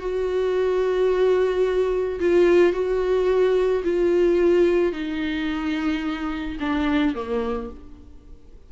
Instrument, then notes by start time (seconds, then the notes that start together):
viola
0.00 F#4
2.20 F4
2.73 F#4
3.84 F4
4.93 D#4
6.61 D4
7.15 A#3